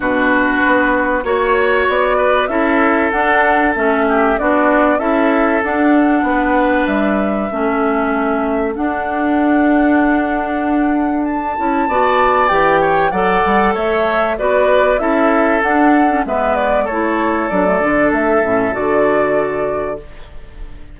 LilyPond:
<<
  \new Staff \with { instrumentName = "flute" } { \time 4/4 \tempo 4 = 96 b'2 cis''4 d''4 | e''4 fis''4 e''4 d''4 | e''4 fis''2 e''4~ | e''2 fis''2~ |
fis''2 a''2 | g''4 fis''4 e''4 d''4 | e''4 fis''4 e''8 d''8 cis''4 | d''4 e''4 d''2 | }
  \new Staff \with { instrumentName = "oboe" } { \time 4/4 fis'2 cis''4. b'8 | a'2~ a'8 g'8 fis'4 | a'2 b'2 | a'1~ |
a'2. d''4~ | d''8 cis''8 d''4 cis''4 b'4 | a'2 b'4 a'4~ | a'1 | }
  \new Staff \with { instrumentName = "clarinet" } { \time 4/4 d'2 fis'2 | e'4 d'4 cis'4 d'4 | e'4 d'2. | cis'2 d'2~ |
d'2~ d'8 e'8 fis'4 | g'4 a'2 fis'4 | e'4 d'8. cis'16 b4 e'4 | d'16 a16 d'4 cis'8 fis'2 | }
  \new Staff \with { instrumentName = "bassoon" } { \time 4/4 b,4 b4 ais4 b4 | cis'4 d'4 a4 b4 | cis'4 d'4 b4 g4 | a2 d'2~ |
d'2~ d'8 cis'8 b4 | e4 fis8 g8 a4 b4 | cis'4 d'4 gis4 a4 | fis8 d8 a8 a,8 d2 | }
>>